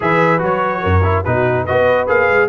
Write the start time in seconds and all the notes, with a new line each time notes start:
0.00 E3 G#4 B4 E5
0.38 F#3 F#4 C#5
0.81 F#2 A#4
1.03 E4
1.23 B2 D#4 F#4 B4
1.64 B3 F#4 B4 D#5
2.07 A#3 G#4 F5
2.28 G#3